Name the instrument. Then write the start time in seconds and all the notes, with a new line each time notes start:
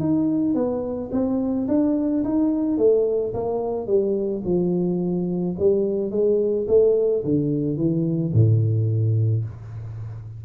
tuba
0.00 D#4
0.55 B3
1.12 C4
1.68 D4
2.24 D#4
2.78 A3
3.34 A#3
3.87 G3
4.45 F3
5.59 G3
6.11 G#3
6.68 A3
7.25 D3
7.77 E3
8.33 A2